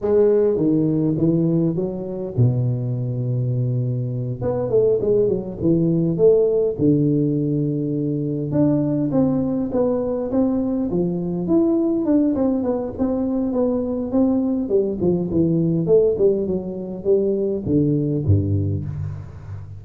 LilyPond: \new Staff \with { instrumentName = "tuba" } { \time 4/4 \tempo 4 = 102 gis4 dis4 e4 fis4 | b,2.~ b,8 b8 | a8 gis8 fis8 e4 a4 d8~ | d2~ d8 d'4 c'8~ |
c'8 b4 c'4 f4 e'8~ | e'8 d'8 c'8 b8 c'4 b4 | c'4 g8 f8 e4 a8 g8 | fis4 g4 d4 g,4 | }